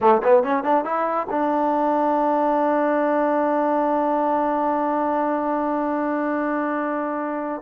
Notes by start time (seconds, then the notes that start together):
0.00 A3
0.23 B3
0.43 C#4
0.63 D4
0.85 E4
1.29 D4